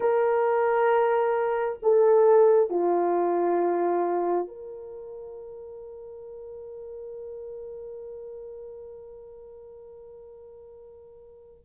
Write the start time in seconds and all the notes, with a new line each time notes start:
0.00 A#4
1.82 A4
2.70 F4
4.47 A#4